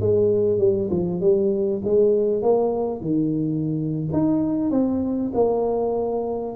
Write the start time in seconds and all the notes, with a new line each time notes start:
0.00 G#3
0.58 G3
0.90 F3
1.21 G3
1.84 G#3
2.42 A#3
3.01 D#3
4.13 D#4
4.71 C4
5.34 A#3